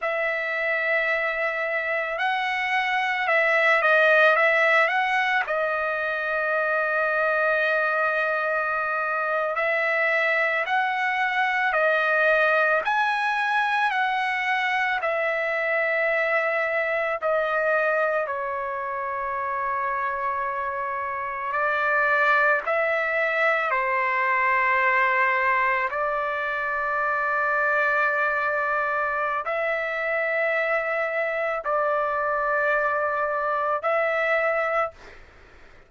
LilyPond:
\new Staff \with { instrumentName = "trumpet" } { \time 4/4 \tempo 4 = 55 e''2 fis''4 e''8 dis''8 | e''8 fis''8 dis''2.~ | dis''8. e''4 fis''4 dis''4 gis''16~ | gis''8. fis''4 e''2 dis''16~ |
dis''8. cis''2. d''16~ | d''8. e''4 c''2 d''16~ | d''2. e''4~ | e''4 d''2 e''4 | }